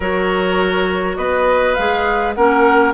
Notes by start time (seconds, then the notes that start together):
0.00 F#3 F#4 A#4 C#5
1.16 B3 B4 D#5
1.74 G#3 G#4 F5
2.33 A#3 C#4 A#4 F#5